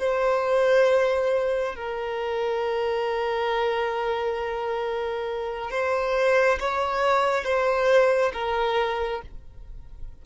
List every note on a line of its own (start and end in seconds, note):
0.00 1.76 C5
1.76 5.71 A#4
5.71 6.59 C5
6.60 7.44 C#5
7.44 8.33 C5
8.34 9.22 A#4